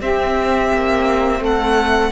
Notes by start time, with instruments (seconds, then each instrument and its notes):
0.00 viola C4, cello C4, saxophone G4, violin E5
0.74 cello A#3
1.40 cello A3, saxophone A4, violin F#5